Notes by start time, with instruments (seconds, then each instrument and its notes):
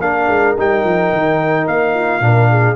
0.00 tuba A#3, trombone D4, horn A#4, trumpet F5
0.28 tuba G#3
0.58 tuba G3, trombone D#4, trumpet G5
0.84 tuba F3
1.13 tuba D#3
1.67 tuba A#3, trumpet F5
1.95 horn F4
2.21 tuba A#2, trombone D4, horn A#4
2.51 horn G#4